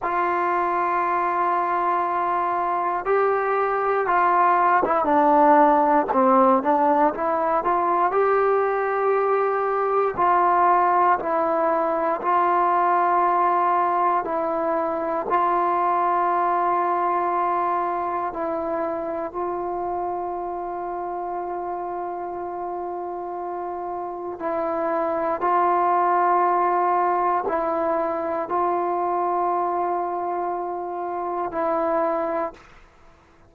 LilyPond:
\new Staff \with { instrumentName = "trombone" } { \time 4/4 \tempo 4 = 59 f'2. g'4 | f'8. e'16 d'4 c'8 d'8 e'8 f'8 | g'2 f'4 e'4 | f'2 e'4 f'4~ |
f'2 e'4 f'4~ | f'1 | e'4 f'2 e'4 | f'2. e'4 | }